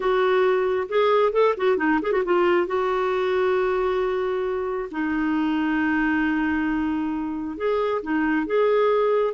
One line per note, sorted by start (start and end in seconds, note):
0.00 0.87 F#4
0.88 1.32 G#4
1.32 1.54 A4
1.57 1.77 F#4
1.77 1.99 D#4
2.02 2.12 G#4
2.12 2.23 F#4
2.24 2.67 F4
2.67 4.89 F#4
4.91 7.57 D#4
7.57 8.01 G#4
8.02 8.46 D#4
8.46 9.34 G#4